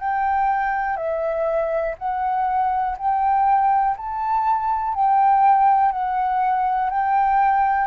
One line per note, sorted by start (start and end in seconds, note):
0.00 0.97 G5
0.97 1.95 E5
1.98 2.96 F#5
2.98 3.97 G5
3.97 4.94 A5
4.94 5.92 G5
5.92 6.90 F#5
6.90 7.87 G5